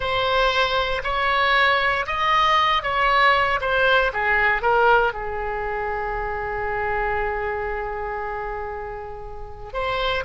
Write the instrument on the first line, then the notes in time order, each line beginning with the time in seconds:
oboe
0.00 C5
1.03 C#5
2.06 D#5
2.83 C#5
3.60 C5
4.13 G#4
4.62 A#4
5.13 G#4
9.73 C5